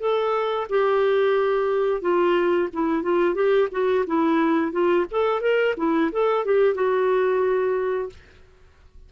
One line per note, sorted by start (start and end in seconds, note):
0.00 0.67 A4
0.70 2.01 G4
2.01 2.69 F4
2.73 3.03 E4
3.03 3.35 F4
3.35 3.68 G4
3.71 4.05 F#4
4.07 4.72 E4
4.72 5.06 F4
5.11 5.41 A4
5.41 5.75 A#4
5.77 6.11 E4
6.12 6.45 A4
6.45 6.75 G4
6.75 8.10 F#4